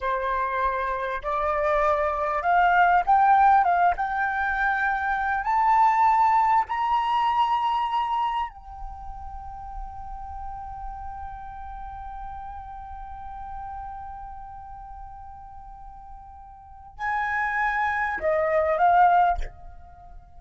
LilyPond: \new Staff \with { instrumentName = "flute" } { \time 4/4 \tempo 4 = 99 c''2 d''2 | f''4 g''4 f''8 g''4.~ | g''4 a''2 ais''4~ | ais''2 g''2~ |
g''1~ | g''1~ | g''1 | gis''2 dis''4 f''4 | }